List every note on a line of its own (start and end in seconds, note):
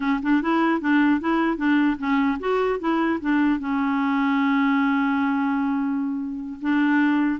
0.00 0.20 C#4
0.22 0.42 D4
0.42 0.80 E4
0.80 1.20 D4
1.20 1.57 E4
1.57 1.97 D4
1.98 2.38 C#4
2.39 2.79 F#4
2.79 3.19 E4
3.21 3.59 D4
3.59 6.59 C#4
6.61 7.40 D4